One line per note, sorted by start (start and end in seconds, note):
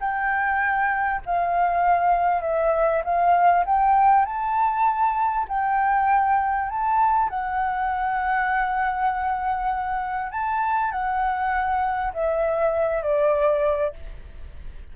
0.00 1.21 G5
1.25 2.42 F5
2.42 3.02 E5
3.04 3.64 F5
3.65 4.25 G5
4.25 5.46 A5
5.48 6.69 G5
6.69 7.29 A5
7.29 10.31 F#5
10.31 10.91 A5
10.91 12.12 F#5
12.13 13.02 E5
13.02 13.93 D5